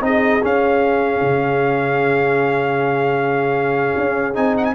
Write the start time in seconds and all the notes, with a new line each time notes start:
0.00 C4 D#4 G#4 D#5
0.42 C#4 F5
1.21 C#3
3.97 C#4
4.34 C4 D#4 G#5
4.57 F#5
4.64 G#5